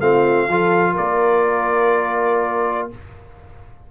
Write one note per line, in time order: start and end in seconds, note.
0.00 0.48 A3
0.00 0.48 C4
0.00 0.48 F4
0.00 0.96 F5
0.48 0.96 F3
0.48 2.91 F4
0.48 0.92 A4
0.92 2.90 A#3
0.92 2.84 A#4
0.92 2.89 D5